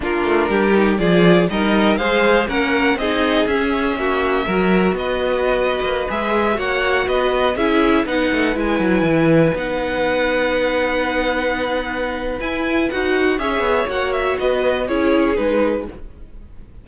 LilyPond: <<
  \new Staff \with { instrumentName = "violin" } { \time 4/4 \tempo 4 = 121 ais'2 d''4 dis''4 | f''4 fis''4 dis''4 e''4~ | e''2 dis''2~ | dis''16 e''4 fis''4 dis''4 e''8.~ |
e''16 fis''4 gis''2 fis''8.~ | fis''1~ | fis''4 gis''4 fis''4 e''4 | fis''8 e''8 dis''4 cis''4 b'4 | }
  \new Staff \with { instrumentName = "violin" } { \time 4/4 f'4 g'4 gis'4 ais'4 | c''4 ais'4 gis'2 | fis'4 ais'4 b'2~ | b'4~ b'16 cis''4 b'4 gis'8.~ |
gis'16 b'2.~ b'8.~ | b'1~ | b'2. cis''4~ | cis''4 b'4 gis'2 | }
  \new Staff \with { instrumentName = "viola" } { \time 4/4 d'4. dis'8 f'4 dis'4 | gis'4 cis'4 dis'4 cis'4~ | cis'4 fis'2.~ | fis'16 gis'4 fis'2 e'8.~ |
e'16 dis'4 e'2 dis'8.~ | dis'1~ | dis'4 e'4 fis'4 gis'4 | fis'2 e'4 dis'4 | }
  \new Staff \with { instrumentName = "cello" } { \time 4/4 ais8 a8 g4 f4 g4 | gis4 ais4 c'4 cis'4 | ais4 fis4 b4.~ b16 ais16~ | ais16 gis4 ais4 b4 cis'8.~ |
cis'16 b8 a8 gis8 fis8 e4 b8.~ | b1~ | b4 e'4 dis'4 cis'8 b8 | ais4 b4 cis'4 gis4 | }
>>